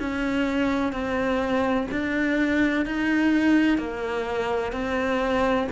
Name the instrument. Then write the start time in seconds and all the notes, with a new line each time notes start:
cello
0.00 C#4
0.93 C4
1.92 D4
2.86 D#4
3.78 A#3
4.73 C4